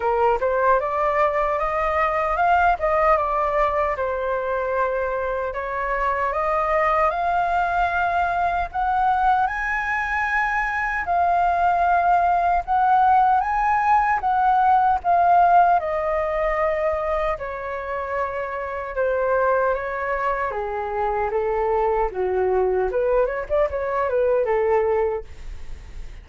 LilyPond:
\new Staff \with { instrumentName = "flute" } { \time 4/4 \tempo 4 = 76 ais'8 c''8 d''4 dis''4 f''8 dis''8 | d''4 c''2 cis''4 | dis''4 f''2 fis''4 | gis''2 f''2 |
fis''4 gis''4 fis''4 f''4 | dis''2 cis''2 | c''4 cis''4 gis'4 a'4 | fis'4 b'8 cis''16 d''16 cis''8 b'8 a'4 | }